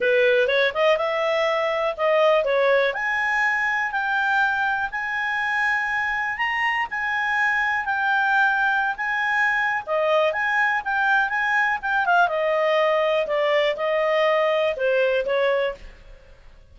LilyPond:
\new Staff \with { instrumentName = "clarinet" } { \time 4/4 \tempo 4 = 122 b'4 cis''8 dis''8 e''2 | dis''4 cis''4 gis''2 | g''2 gis''2~ | gis''4 ais''4 gis''2 |
g''2~ g''16 gis''4.~ gis''16 | dis''4 gis''4 g''4 gis''4 | g''8 f''8 dis''2 d''4 | dis''2 c''4 cis''4 | }